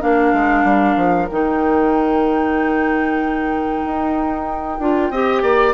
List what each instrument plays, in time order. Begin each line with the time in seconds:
0.00 bassoon A#3, clarinet D4, oboe A#4, flute F5
0.33 bassoon G#3
0.64 bassoon G3
0.97 bassoon F3
1.29 bassoon D#3, clarinet D#4, flute G5
3.85 bassoon D#4
4.79 bassoon D4, clarinet F4
5.11 bassoon C4, clarinet G4, oboe D#5
5.43 bassoon A#3, oboe D5